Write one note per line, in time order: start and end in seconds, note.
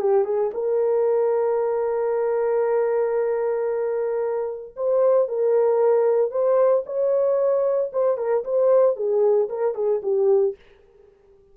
0.00 0.25 G4
0.25 0.51 G#4
0.54 4.75 A#4
4.77 5.29 C5
5.29 6.32 A#4
6.32 6.84 C5
6.86 7.91 C#5
7.93 8.18 C5
8.18 8.44 A#4
8.45 8.97 C5
8.97 9.49 G#4
9.50 9.75 A#4
9.75 10.01 G#4
10.03 10.56 G4